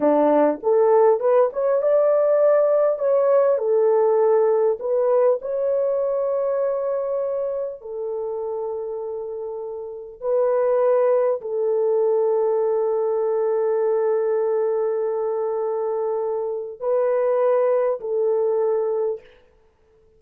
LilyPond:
\new Staff \with { instrumentName = "horn" } { \time 4/4 \tempo 4 = 100 d'4 a'4 b'8 cis''8 d''4~ | d''4 cis''4 a'2 | b'4 cis''2.~ | cis''4 a'2.~ |
a'4 b'2 a'4~ | a'1~ | a'1 | b'2 a'2 | }